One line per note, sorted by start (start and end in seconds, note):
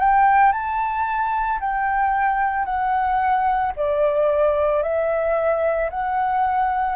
0.00 0.53 G5
0.53 1.60 A5
1.61 2.65 G5
2.65 3.73 F#5
3.76 4.83 D5
4.83 5.90 E5
5.90 6.96 F#5